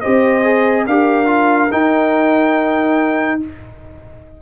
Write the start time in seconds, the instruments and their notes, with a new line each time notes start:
0.00 tuba C4, trombone G4, horn C5, trumpet D#5
0.43 trombone G#4
0.86 tuba D4, trombone G4, horn A#4, trumpet F5
1.25 trombone F4
1.71 trombone D#4, tuba D#4, trumpet G5